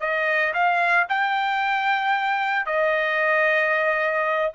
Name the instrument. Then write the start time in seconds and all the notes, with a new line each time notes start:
trumpet
0.00 D#5
0.54 F5
1.09 G5
2.66 D#5